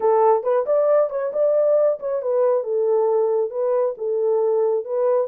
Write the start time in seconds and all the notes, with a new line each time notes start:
0.00 A4
0.43 B4
0.65 D5
1.09 C#5
1.32 D5
1.99 C#5
2.22 B4
2.63 A4
3.50 B4
3.97 A4
4.84 B4